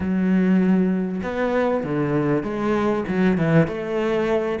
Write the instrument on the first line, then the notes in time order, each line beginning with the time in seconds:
cello
0.00 F#3
1.22 B3
1.83 D3
2.43 G#3
3.08 F#3
3.37 E3
3.67 A3